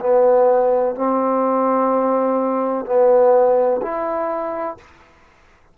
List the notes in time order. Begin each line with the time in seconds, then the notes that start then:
0.00 B3
0.95 C4
2.86 B3
3.82 E4